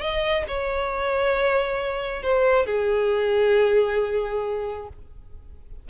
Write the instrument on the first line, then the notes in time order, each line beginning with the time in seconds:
violin
0.00 D#5
0.47 C#5
2.22 C5
2.66 G#4